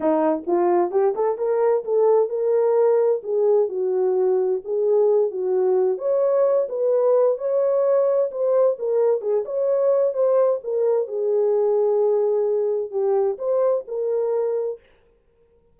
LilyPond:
\new Staff \with { instrumentName = "horn" } { \time 4/4 \tempo 4 = 130 dis'4 f'4 g'8 a'8 ais'4 | a'4 ais'2 gis'4 | fis'2 gis'4. fis'8~ | fis'4 cis''4. b'4. |
cis''2 c''4 ais'4 | gis'8 cis''4. c''4 ais'4 | gis'1 | g'4 c''4 ais'2 | }